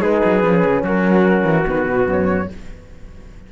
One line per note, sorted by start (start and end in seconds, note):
0.00 0.21 G#3
0.00 0.41 D#4
0.00 0.83 G#4
0.00 0.84 B4
0.24 0.43 F#3
0.41 0.64 F3
0.41 1.64 C#4
0.65 0.82 C#3
0.82 1.44 F#3
0.82 2.48 F#4
0.82 1.68 A#4
1.44 1.65 E3
1.66 1.87 D#3
1.66 2.49 B3
1.66 2.09 B4
1.87 2.07 B2
2.07 2.48 F#2
2.07 2.52 C#5